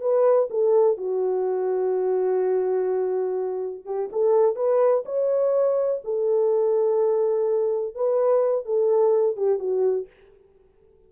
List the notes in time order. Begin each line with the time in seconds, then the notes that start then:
0.00 B4
0.50 A4
0.97 F#4
3.85 G4
4.12 A4
4.56 B4
5.05 C#5
6.04 A4
7.95 B4
8.65 A4
9.36 G4
9.59 F#4